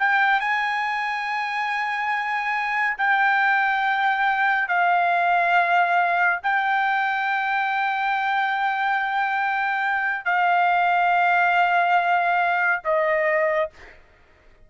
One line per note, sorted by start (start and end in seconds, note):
0.00 0.41 G5
0.41 2.98 G#5
2.98 4.69 G5
4.69 6.40 F5
6.43 10.25 G5
10.25 12.83 F5
12.85 13.71 D#5